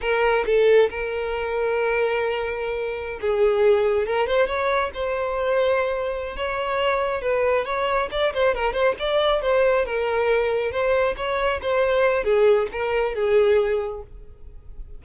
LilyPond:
\new Staff \with { instrumentName = "violin" } { \time 4/4 \tempo 4 = 137 ais'4 a'4 ais'2~ | ais'2.~ ais'16 gis'8.~ | gis'4~ gis'16 ais'8 c''8 cis''4 c''8.~ | c''2~ c''8 cis''4.~ |
cis''8 b'4 cis''4 d''8 c''8 ais'8 | c''8 d''4 c''4 ais'4.~ | ais'8 c''4 cis''4 c''4. | gis'4 ais'4 gis'2 | }